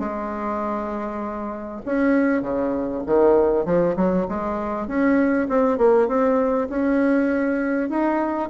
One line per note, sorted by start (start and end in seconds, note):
0.00 1.82 G#3
1.86 2.42 C#4
2.42 3.03 C#3
3.07 3.66 D#3
3.66 3.96 F3
3.97 4.27 F#3
4.29 4.88 G#3
4.88 5.48 C#4
5.49 5.78 C4
5.78 6.08 A#3
6.08 6.69 C4
6.70 7.90 C#4
7.90 8.50 D#4